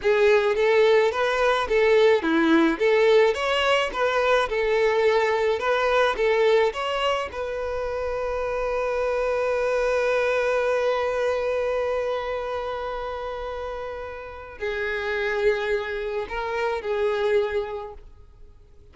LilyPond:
\new Staff \with { instrumentName = "violin" } { \time 4/4 \tempo 4 = 107 gis'4 a'4 b'4 a'4 | e'4 a'4 cis''4 b'4 | a'2 b'4 a'4 | cis''4 b'2.~ |
b'1~ | b'1~ | b'2 gis'2~ | gis'4 ais'4 gis'2 | }